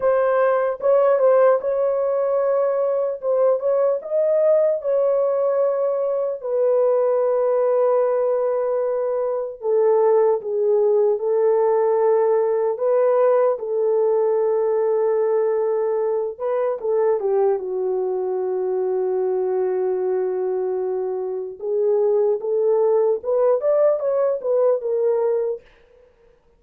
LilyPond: \new Staff \with { instrumentName = "horn" } { \time 4/4 \tempo 4 = 75 c''4 cis''8 c''8 cis''2 | c''8 cis''8 dis''4 cis''2 | b'1 | a'4 gis'4 a'2 |
b'4 a'2.~ | a'8 b'8 a'8 g'8 fis'2~ | fis'2. gis'4 | a'4 b'8 d''8 cis''8 b'8 ais'4 | }